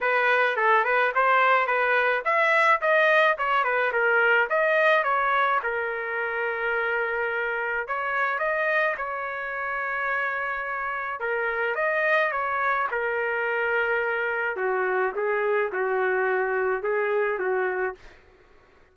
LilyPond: \new Staff \with { instrumentName = "trumpet" } { \time 4/4 \tempo 4 = 107 b'4 a'8 b'8 c''4 b'4 | e''4 dis''4 cis''8 b'8 ais'4 | dis''4 cis''4 ais'2~ | ais'2 cis''4 dis''4 |
cis''1 | ais'4 dis''4 cis''4 ais'4~ | ais'2 fis'4 gis'4 | fis'2 gis'4 fis'4 | }